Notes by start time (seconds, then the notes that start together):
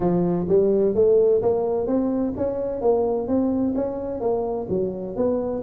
0.00 F3
0.48 G3
0.94 A3
1.41 A#3
1.86 C4
2.37 C#4
2.81 A#3
3.27 C4
3.75 C#4
4.20 A#3
4.69 F#3
5.16 B3